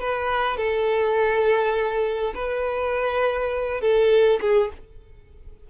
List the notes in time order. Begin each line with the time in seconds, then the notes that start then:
0.00 B4
0.57 A4
2.35 B4
3.82 A4
4.41 G#4